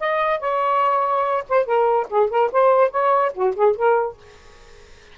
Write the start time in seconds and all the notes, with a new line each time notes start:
0.00 D#5
0.40 C#5
1.49 C5
1.66 A#4
2.09 G#4
2.30 A#4
2.52 C5
2.91 C#5
3.34 F#4
3.55 G#4
3.76 A#4